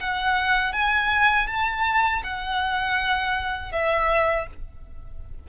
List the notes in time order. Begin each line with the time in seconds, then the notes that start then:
0.00 F#5
0.73 G#5
1.47 A5
2.24 F#5
3.72 E5